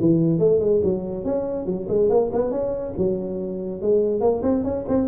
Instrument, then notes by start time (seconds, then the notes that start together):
tuba
0.00 E3
0.39 A3
0.60 G#3
0.84 F#3
1.25 C#4
1.66 F#3
1.88 G#3
2.09 A#3
2.32 B3
2.51 C#4
2.97 F#3
3.82 G#3
4.21 A#3
4.43 C4
4.64 C#4
4.88 C4